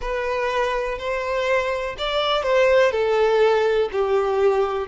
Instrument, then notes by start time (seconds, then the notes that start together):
violin
0.01 B4
0.98 C5
1.98 D5
2.43 C5
2.91 A4
3.92 G4